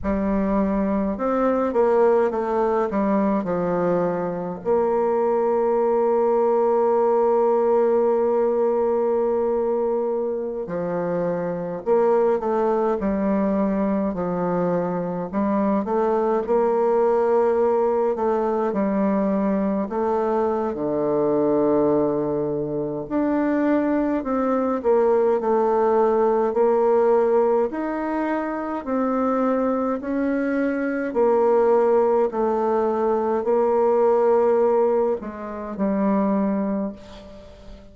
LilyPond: \new Staff \with { instrumentName = "bassoon" } { \time 4/4 \tempo 4 = 52 g4 c'8 ais8 a8 g8 f4 | ais1~ | ais4~ ais16 f4 ais8 a8 g8.~ | g16 f4 g8 a8 ais4. a16~ |
a16 g4 a8. d2 | d'4 c'8 ais8 a4 ais4 | dis'4 c'4 cis'4 ais4 | a4 ais4. gis8 g4 | }